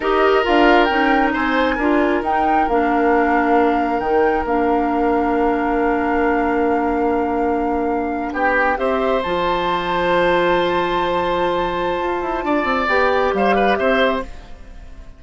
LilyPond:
<<
  \new Staff \with { instrumentName = "flute" } { \time 4/4 \tempo 4 = 135 dis''4 f''4 g''4 gis''4~ | gis''4 g''4 f''2~ | f''4 g''4 f''2~ | f''1~ |
f''2~ f''8. g''4 e''16~ | e''8. a''2.~ a''16~ | a''1~ | a''4 g''4 f''4 e''4 | }
  \new Staff \with { instrumentName = "oboe" } { \time 4/4 ais'2. c''4 | ais'1~ | ais'1~ | ais'1~ |
ais'2~ ais'8. g'4 c''16~ | c''1~ | c''1 | d''2 c''8 b'8 c''4 | }
  \new Staff \with { instrumentName = "clarinet" } { \time 4/4 g'4 f'4 dis'2 | f'4 dis'4 d'2~ | d'4 dis'4 d'2~ | d'1~ |
d'2.~ d'8. g'16~ | g'8. f'2.~ f'16~ | f'1~ | f'4 g'2. | }
  \new Staff \with { instrumentName = "bassoon" } { \time 4/4 dis'4 d'4 cis'4 c'4 | d'4 dis'4 ais2~ | ais4 dis4 ais2~ | ais1~ |
ais2~ ais8. b4 c'16~ | c'8. f2.~ f16~ | f2. f'8 e'8 | d'8 c'8 b4 g4 c'4 | }
>>